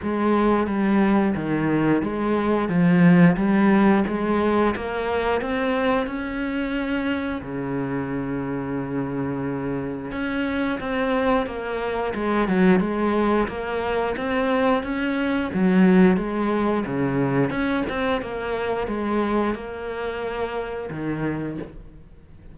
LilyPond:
\new Staff \with { instrumentName = "cello" } { \time 4/4 \tempo 4 = 89 gis4 g4 dis4 gis4 | f4 g4 gis4 ais4 | c'4 cis'2 cis4~ | cis2. cis'4 |
c'4 ais4 gis8 fis8 gis4 | ais4 c'4 cis'4 fis4 | gis4 cis4 cis'8 c'8 ais4 | gis4 ais2 dis4 | }